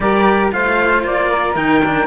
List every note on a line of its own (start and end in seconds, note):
0.00 0.51 G3
0.00 0.51 G4
0.00 0.53 A#4
0.00 0.51 D5
0.51 1.04 A3
0.51 1.55 F4
0.51 1.30 C5
0.51 1.04 F5
1.04 1.55 A#3
1.04 1.56 D5
1.30 2.06 A#4
1.55 2.06 D#3
1.55 1.82 D#4
1.55 2.06 G5
1.84 2.06 D4